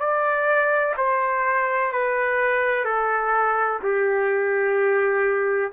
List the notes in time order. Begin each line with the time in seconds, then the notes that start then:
0.00 D5
0.97 C5
1.93 B4
2.85 A4
3.83 G4